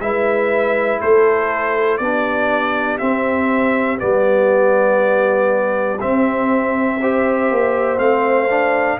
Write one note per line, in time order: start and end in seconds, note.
0.00 1.00 G#3
0.00 2.02 E4
0.00 1.01 B4
0.00 1.01 E5
1.01 2.00 A3
1.01 2.00 A4
1.01 1.98 C5
1.98 3.00 B3
1.98 3.00 D4
1.98 6.99 G4
1.98 2.98 D5
2.98 3.98 C4
2.98 4.01 C4
2.98 3.98 E5
3.98 6.02 G3
3.98 5.98 B3
3.98 6.00 D5
6.00 7.00 C4
6.00 7.51 C4
6.00 7.99 E5
6.99 7.98 G4
6.99 8.99 C5
7.51 7.99 A#3
7.98 8.99 A3
7.98 8.48 C4
7.98 8.99 F5
8.50 9.00 D4